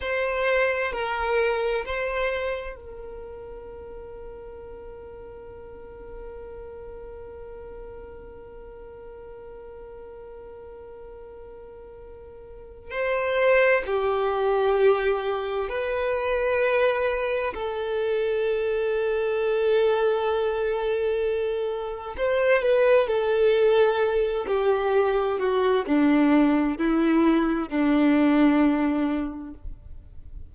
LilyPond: \new Staff \with { instrumentName = "violin" } { \time 4/4 \tempo 4 = 65 c''4 ais'4 c''4 ais'4~ | ais'1~ | ais'1~ | ais'2 c''4 g'4~ |
g'4 b'2 a'4~ | a'1 | c''8 b'8 a'4. g'4 fis'8 | d'4 e'4 d'2 | }